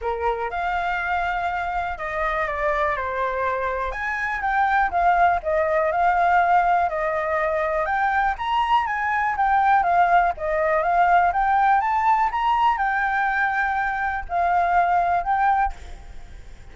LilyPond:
\new Staff \with { instrumentName = "flute" } { \time 4/4 \tempo 4 = 122 ais'4 f''2. | dis''4 d''4 c''2 | gis''4 g''4 f''4 dis''4 | f''2 dis''2 |
g''4 ais''4 gis''4 g''4 | f''4 dis''4 f''4 g''4 | a''4 ais''4 g''2~ | g''4 f''2 g''4 | }